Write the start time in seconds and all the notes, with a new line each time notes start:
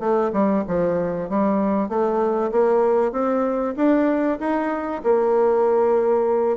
0.00 A3
0.33 G3
0.68 F3
1.30 G3
1.89 A3
2.52 A#3
3.12 C4
3.77 D4
4.40 D#4
5.04 A#3